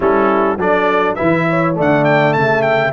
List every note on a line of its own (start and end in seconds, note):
0.00 0.57 G3
0.00 0.58 C#4
0.00 0.58 E4
0.00 0.60 A4
0.57 1.16 F#3
0.57 1.17 D4
0.57 1.15 A4
0.57 1.15 D5
1.15 1.79 E3
1.15 1.74 E4
1.15 1.45 B4
1.15 1.74 E5
1.49 1.77 C#5
1.74 2.36 D3
1.74 2.91 A3
1.74 2.36 D5
1.80 2.04 F#5
2.04 2.33 G5
2.33 2.92 C#3
2.33 2.92 E5
2.33 2.62 A5
2.62 2.91 G5